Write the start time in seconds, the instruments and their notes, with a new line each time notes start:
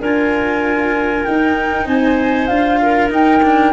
0.00 tuba D4, cello F4, clarinet A#4, flute G#5
1.24 tuba D#4, cello D#4, flute G5
1.86 tuba C4, clarinet C5, flute G#5
2.47 tuba D4, cello F4, flute F5
2.82 clarinet A#4
3.10 cello D#4, tuba D#4, flute G5
3.43 cello D4